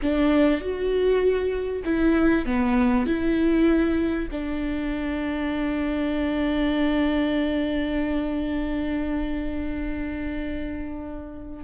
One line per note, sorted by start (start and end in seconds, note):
0.02 0.60 D4
0.60 1.83 F#4
1.84 2.45 E4
2.45 3.06 B3
3.06 4.29 E4
4.31 11.64 D4